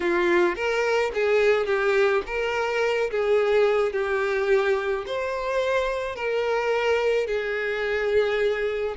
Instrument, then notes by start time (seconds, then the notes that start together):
violin
0.00 F4
0.55 A#4
1.14 G#4
1.66 G4
2.26 A#4
3.10 G#4
3.92 G4
5.06 C5
6.15 A#4
7.26 G#4